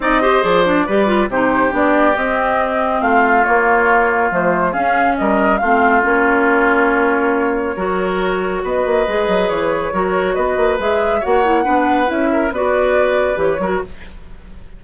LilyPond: <<
  \new Staff \with { instrumentName = "flute" } { \time 4/4 \tempo 4 = 139 dis''4 d''2 c''4 | d''4 dis''2 f''4 | cis''2 c''4 f''4 | dis''4 f''4 cis''2~ |
cis''1 | dis''2 cis''2 | dis''4 e''4 fis''2 | e''4 d''2 cis''4 | }
  \new Staff \with { instrumentName = "oboe" } { \time 4/4 d''8 c''4. b'4 g'4~ | g'2. f'4~ | f'2. gis'4 | ais'4 f'2.~ |
f'2 ais'2 | b'2. ais'4 | b'2 cis''4 b'4~ | b'8 ais'8 b'2~ b'8 ais'8 | }
  \new Staff \with { instrumentName = "clarinet" } { \time 4/4 dis'8 g'8 gis'8 d'8 g'8 f'8 dis'4 | d'4 c'2. | ais2 a4 cis'4~ | cis'4 c'4 cis'2~ |
cis'2 fis'2~ | fis'4 gis'2 fis'4~ | fis'4 gis'4 fis'8 e'8 d'4 | e'4 fis'2 g'8 fis'8 | }
  \new Staff \with { instrumentName = "bassoon" } { \time 4/4 c'4 f4 g4 c4 | b4 c'2 a4 | ais2 f4 cis'4 | g4 a4 ais2~ |
ais2 fis2 | b8 ais8 gis8 fis8 e4 fis4 | b8 ais8 gis4 ais4 b4 | cis'4 b2 e8 fis8 | }
>>